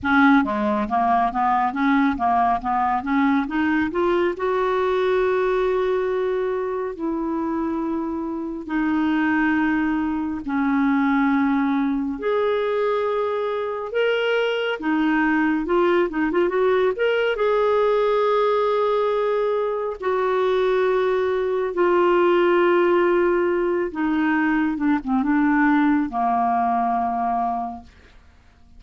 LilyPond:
\new Staff \with { instrumentName = "clarinet" } { \time 4/4 \tempo 4 = 69 cis'8 gis8 ais8 b8 cis'8 ais8 b8 cis'8 | dis'8 f'8 fis'2. | e'2 dis'2 | cis'2 gis'2 |
ais'4 dis'4 f'8 dis'16 f'16 fis'8 ais'8 | gis'2. fis'4~ | fis'4 f'2~ f'8 dis'8~ | dis'8 d'16 c'16 d'4 ais2 | }